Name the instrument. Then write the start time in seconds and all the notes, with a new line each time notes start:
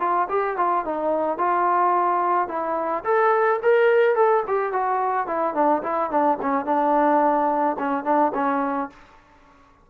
trombone
0.00 F4
0.29 G4
0.57 F4
0.85 D#4
1.38 F4
2.48 E4
3.04 A4
3.62 A#4
4.15 A4
4.47 G4
4.72 F#4
5.27 E4
5.54 D4
5.83 E4
6.11 D4
6.42 C#4
6.65 D4
7.79 C#4
8.04 D4
8.34 C#4